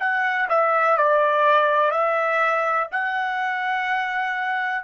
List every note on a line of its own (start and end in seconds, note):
0.00 0.48 F#5
0.49 0.97 E5
0.97 1.91 D5
1.91 2.88 E5
2.92 4.84 F#5